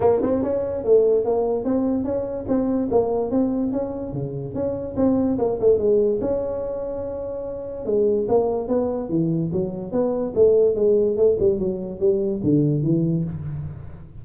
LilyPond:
\new Staff \with { instrumentName = "tuba" } { \time 4/4 \tempo 4 = 145 ais8 c'8 cis'4 a4 ais4 | c'4 cis'4 c'4 ais4 | c'4 cis'4 cis4 cis'4 | c'4 ais8 a8 gis4 cis'4~ |
cis'2. gis4 | ais4 b4 e4 fis4 | b4 a4 gis4 a8 g8 | fis4 g4 d4 e4 | }